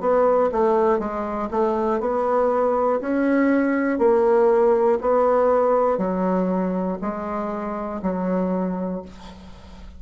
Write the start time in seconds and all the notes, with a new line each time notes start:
0.00 B3
0.51 A3
0.99 G#3
1.50 A3
2.00 B3
3.00 C#4
3.99 A#3
5.01 B3
5.98 F#3
7.01 G#3
8.02 F#3